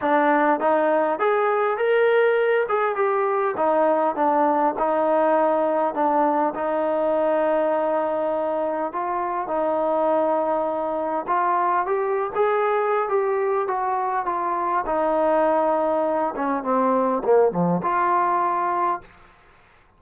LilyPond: \new Staff \with { instrumentName = "trombone" } { \time 4/4 \tempo 4 = 101 d'4 dis'4 gis'4 ais'4~ | ais'8 gis'8 g'4 dis'4 d'4 | dis'2 d'4 dis'4~ | dis'2. f'4 |
dis'2. f'4 | g'8. gis'4~ gis'16 g'4 fis'4 | f'4 dis'2~ dis'8 cis'8 | c'4 ais8 f8 f'2 | }